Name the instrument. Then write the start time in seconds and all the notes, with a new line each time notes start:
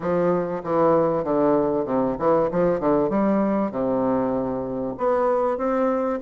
bassoon
0.00 F3
0.63 E3
1.24 D3
1.85 C3
2.18 E3
2.51 F3
2.80 D3
3.09 G3
3.71 C3
4.97 B3
5.57 C4